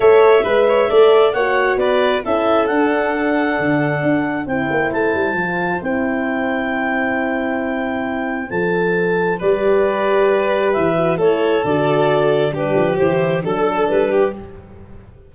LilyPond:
<<
  \new Staff \with { instrumentName = "clarinet" } { \time 4/4 \tempo 4 = 134 e''2. fis''4 | d''4 e''4 fis''2~ | fis''2 g''4 a''4~ | a''4 g''2.~ |
g''2. a''4~ | a''4 d''2. | e''4 cis''4 d''2 | b'4 c''4 a'4 b'4 | }
  \new Staff \with { instrumentName = "violin" } { \time 4/4 cis''4 b'8 cis''8 d''4 cis''4 | b'4 a'2.~ | a'2 c''2~ | c''1~ |
c''1~ | c''4 b'2.~ | b'4 a'2. | g'2 a'4. g'8 | }
  \new Staff \with { instrumentName = "horn" } { \time 4/4 a'4 b'4 a'4 fis'4~ | fis'4 e'4 d'2~ | d'2 e'2 | f'4 e'2.~ |
e'2. a'4~ | a'4 g'2.~ | g'8 fis'8 e'4 fis'2 | d'4 e'4 d'2 | }
  \new Staff \with { instrumentName = "tuba" } { \time 4/4 a4 gis4 a4 ais4 | b4 cis'4 d'2 | d4 d'4 c'8 ais8 a8 g8 | f4 c'2.~ |
c'2. f4~ | f4 g2. | e4 a4 d2 | g8 f8 e4 fis4 g4 | }
>>